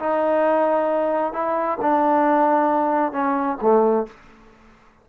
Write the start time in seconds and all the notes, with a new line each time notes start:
0.00 D#4
1.33 E4
1.82 D4
3.13 C#4
3.62 A3